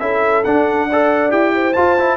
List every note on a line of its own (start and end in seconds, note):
0.00 0.44 C#4
0.00 0.45 E4
0.00 0.89 A4
0.00 0.44 E5
0.45 1.32 D4
0.45 0.90 D4
0.45 1.32 F#5
0.89 1.29 A4
0.89 1.54 D5
1.29 1.76 E4
1.29 1.73 G4
1.29 1.74 G5
1.55 2.17 C5
1.74 1.98 F4
1.74 2.17 F4
1.74 2.17 A5
1.99 2.17 E4